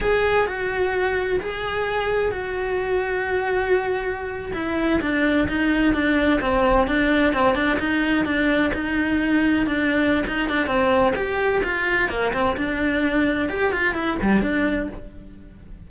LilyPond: \new Staff \with { instrumentName = "cello" } { \time 4/4 \tempo 4 = 129 gis'4 fis'2 gis'4~ | gis'4 fis'2.~ | fis'4.~ fis'16 e'4 d'4 dis'16~ | dis'8. d'4 c'4 d'4 c'16~ |
c'16 d'8 dis'4 d'4 dis'4~ dis'16~ | dis'8. d'4~ d'16 dis'8 d'8 c'4 | g'4 f'4 ais8 c'8 d'4~ | d'4 g'8 f'8 e'8 g8 d'4 | }